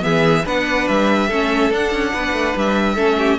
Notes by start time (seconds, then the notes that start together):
0.00 E3 B3 G#4 E5
0.45 B3 D4 B4 F#5
0.88 G3 E5
1.27 A3 C#4 A4
1.70 D4 F#5
1.92 C#4
2.13 B3 B4
2.32 A3
2.56 G3 E5
2.95 A3 C#4 A4
3.18 G4